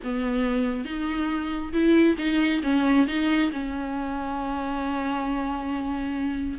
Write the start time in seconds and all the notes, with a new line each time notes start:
0.03 B3
0.85 D#4
1.72 E4
2.18 D#4
2.63 C#4
3.07 D#4
3.52 C#4